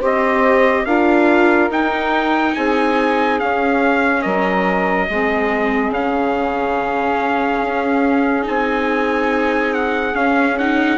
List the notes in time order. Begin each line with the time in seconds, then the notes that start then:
0.00 C4 G4 C5 D#5
0.85 D4 F4 A#4 F5
1.70 D#4 G5
2.55 C4 G#4 G#5
3.39 C#4 F5
4.22 F#3 A#4 D#5
5.09 G#3 C4 G#4
5.90 C#3 C#4 F5
7.61 C#4
8.43 C4 D#4 G#5
9.74 F#5
10.14 C#4 F5
10.58 D#4 F#5